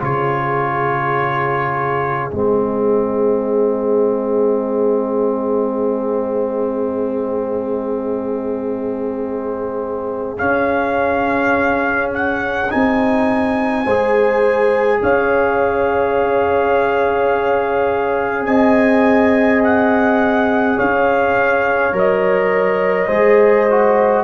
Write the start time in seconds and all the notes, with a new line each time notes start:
0.00 C#3 F4 G#4 C#5
2.30 G#3 C4 D#5
10.37 C#4 F5
12.13 F#5
12.69 C4 D#4 G#5
13.83 G#3 G#4 C5
15.02 C#4 C#5 F5
18.46 C4 D#5 G#5
19.63 F#5
20.76 C#4 C#5 F5
21.92 F#3 A#4 D#5
23.07 G#3 G#4 C5
23.69 F#4